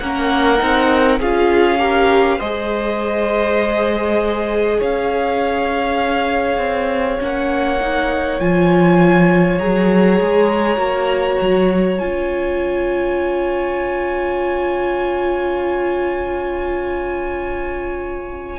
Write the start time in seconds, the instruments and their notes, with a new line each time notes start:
0.00 cello A#3, viola C#4, violin A#4 F#5
0.58 cello C4, viola D#4
1.20 cello C#4, viola F4, violin G#4 F5
1.79 viola G4, violin A#4
2.38 cello G#3, viola G#4, violin C5 D#5
4.79 cello C#4, violin C#5 F5
6.58 cello C4
7.19 cello A#3, viola C#4, violin F#5
7.81 viola D#4
8.40 cello F3, viola F4, violin G#5
9.59 cello F#3, viola G#4, violin A#5
10.21 cello G#3
10.77 cello A#3, viola F#4
11.42 cello F#3
11.99 cello C#4, viola F4, violin G#5